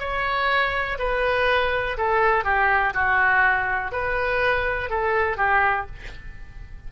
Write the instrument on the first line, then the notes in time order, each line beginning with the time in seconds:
oboe
0.00 C#5
0.99 B4
1.98 A4
2.45 G4
2.94 F#4
3.92 B4
4.90 A4
5.37 G4